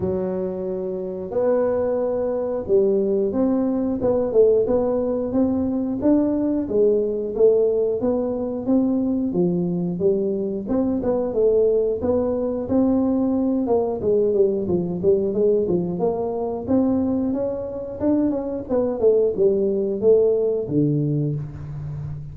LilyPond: \new Staff \with { instrumentName = "tuba" } { \time 4/4 \tempo 4 = 90 fis2 b2 | g4 c'4 b8 a8 b4 | c'4 d'4 gis4 a4 | b4 c'4 f4 g4 |
c'8 b8 a4 b4 c'4~ | c'8 ais8 gis8 g8 f8 g8 gis8 f8 | ais4 c'4 cis'4 d'8 cis'8 | b8 a8 g4 a4 d4 | }